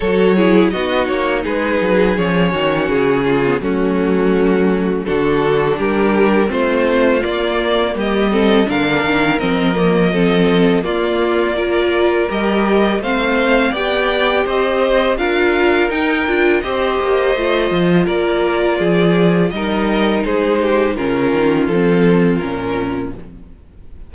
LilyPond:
<<
  \new Staff \with { instrumentName = "violin" } { \time 4/4 \tempo 4 = 83 cis''4 dis''8 cis''8 b'4 cis''4 | gis'4 fis'2 a'4 | ais'4 c''4 d''4 dis''4 | f''4 dis''2 d''4~ |
d''4 dis''4 f''4 g''4 | dis''4 f''4 g''4 dis''4~ | dis''4 d''2 dis''4 | c''4 ais'4 a'4 ais'4 | }
  \new Staff \with { instrumentName = "violin" } { \time 4/4 a'8 gis'8 fis'4 gis'4. fis'8~ | fis'8 f'8 cis'2 fis'4 | g'4 f'2 g'8 a'8 | ais'2 a'4 f'4 |
ais'2 c''4 d''4 | c''4 ais'2 c''4~ | c''4 ais'4 gis'4 ais'4 | gis'8 g'8 f'2. | }
  \new Staff \with { instrumentName = "viola" } { \time 4/4 fis'8 e'8 dis'2 cis'4~ | cis'8. b16 a2 d'4~ | d'4 c'4 ais4. c'8 | d'4 c'8 ais8 c'4 ais4 |
f'4 g'4 c'4 g'4~ | g'4 f'4 dis'8 f'8 g'4 | f'2. dis'4~ | dis'4 cis'4 c'4 cis'4 | }
  \new Staff \with { instrumentName = "cello" } { \time 4/4 fis4 b8 ais8 gis8 fis8 f8 dis8 | cis4 fis2 d4 | g4 a4 ais4 g4 | d8 dis8 f2 ais4~ |
ais4 g4 a4 b4 | c'4 d'4 dis'8 d'8 c'8 ais8 | a8 f8 ais4 f4 g4 | gis4 cis8 dis8 f4 ais,4 | }
>>